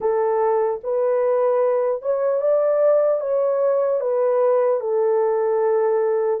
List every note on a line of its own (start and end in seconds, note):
0.00 0.80 A4
0.83 2.01 B4
2.01 2.40 C#5
2.40 3.20 D5
3.20 4.00 C#5
4.00 4.80 B4
4.80 6.40 A4